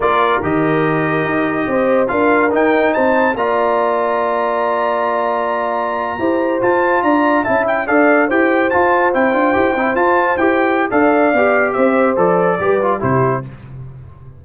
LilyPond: <<
  \new Staff \with { instrumentName = "trumpet" } { \time 4/4 \tempo 4 = 143 d''4 dis''2.~ | dis''4 f''4 g''4 a''4 | ais''1~ | ais''2.~ ais''8. a''16~ |
a''8. ais''4 a''8 g''8 f''4 g''16~ | g''8. a''4 g''2 a''16~ | a''8. g''4~ g''16 f''2 | e''4 d''2 c''4 | }
  \new Staff \with { instrumentName = "horn" } { \time 4/4 ais'1 | c''4 ais'2 c''4 | d''1~ | d''2~ d''8. c''4~ c''16~ |
c''8. d''4 e''4 d''4 c''16~ | c''1~ | c''2 d''2 | c''2 b'4 g'4 | }
  \new Staff \with { instrumentName = "trombone" } { \time 4/4 f'4 g'2.~ | g'4 f'4 dis'2 | f'1~ | f'2~ f'8. g'4 f'16~ |
f'4.~ f'16 e'4 a'4 g'16~ | g'8. f'4 e'8 f'8 g'8 e'8 f'16~ | f'8. g'4~ g'16 a'4 g'4~ | g'4 a'4 g'8 f'8 e'4 | }
  \new Staff \with { instrumentName = "tuba" } { \time 4/4 ais4 dis2 dis'4 | c'4 d'4 dis'4 c'4 | ais1~ | ais2~ ais8. e'4 f'16~ |
f'8. d'4 cis'4 d'4 e'16~ | e'8. f'4 c'8 d'8 e'8 c'8 f'16~ | f'8. e'4~ e'16 d'4 b4 | c'4 f4 g4 c4 | }
>>